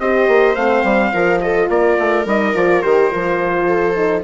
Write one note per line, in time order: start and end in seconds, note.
0.00 0.28 C4
0.00 0.56 G4
0.00 1.14 C5
0.00 0.56 D#5
0.28 0.56 A#3
0.56 0.84 A3
0.56 1.13 C4
0.56 1.41 F5
0.84 1.12 G3
1.13 1.70 F3
1.13 2.26 F4
1.13 1.42 A#4
1.42 1.71 A4
1.42 1.70 D#5
1.70 1.98 A#3
1.70 3.67 A#4
1.70 2.27 D5
1.99 2.26 A3
2.26 2.54 G3
2.26 2.55 D#4
2.26 2.57 D#5
2.55 2.84 F3
2.55 2.83 F4
2.55 2.83 D5
2.83 3.13 D#3
2.83 3.11 G4
2.83 4.24 C5
3.11 4.25 F3
3.11 3.95 F4
3.67 4.24 A4
3.95 4.23 D#4